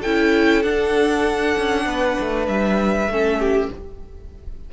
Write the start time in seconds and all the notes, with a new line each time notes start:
0.00 C#4 E4 A4 G5
0.62 D4 F#5
1.57 C#4
1.85 B3 B4
2.20 A3
2.47 G3 E5
3.07 A3 C#4 A4
3.39 G4